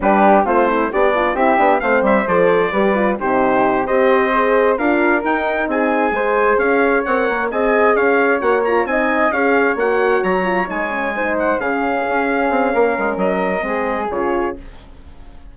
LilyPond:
<<
  \new Staff \with { instrumentName = "trumpet" } { \time 4/4 \tempo 4 = 132 b'4 c''4 d''4 e''4 | f''8 e''8 d''2 c''4~ | c''8 dis''2 f''4 g''8~ | g''8 gis''2 f''4 fis''8~ |
fis''8 gis''4 f''4 fis''8 ais''8 gis''8~ | gis''8 f''4 fis''4 ais''4 gis''8~ | gis''4 fis''8 f''2~ f''8~ | f''4 dis''2 cis''4 | }
  \new Staff \with { instrumentName = "flute" } { \time 4/4 g'4 f'8 e'8 d'4 g'4 | c''2 b'4 g'4~ | g'8 c''2 ais'4.~ | ais'8 gis'4 c''4 cis''4.~ |
cis''8 dis''4 cis''2 dis''8~ | dis''8 cis''2.~ cis''8~ | cis''8 c''4 gis'2~ gis'8 | ais'2 gis'2 | }
  \new Staff \with { instrumentName = "horn" } { \time 4/4 d'4 c'4 g'8 f'8 e'8 d'8 | c'4 a'4 g'8 f'8 dis'4~ | dis'8 g'4 gis'4 f'4 dis'8~ | dis'4. gis'2 ais'8~ |
ais'8 gis'2 fis'8 f'8 dis'8~ | dis'8 gis'4 fis'4. f'8 dis'8 | cis'8 dis'4 cis'2~ cis'8~ | cis'2 c'4 f'4 | }
  \new Staff \with { instrumentName = "bassoon" } { \time 4/4 g4 a4 b4 c'8 b8 | a8 g8 f4 g4 c4~ | c8 c'2 d'4 dis'8~ | dis'8 c'4 gis4 cis'4 c'8 |
ais8 c'4 cis'4 ais4 c'8~ | c'8 cis'4 ais4 fis4 gis8~ | gis4. cis4 cis'4 c'8 | ais8 gis8 fis4 gis4 cis4 | }
>>